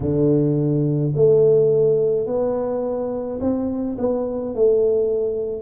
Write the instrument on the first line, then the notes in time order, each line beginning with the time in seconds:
tuba
0.00 D3
1.15 A3
2.26 B3
3.40 C4
3.98 B3
4.54 A3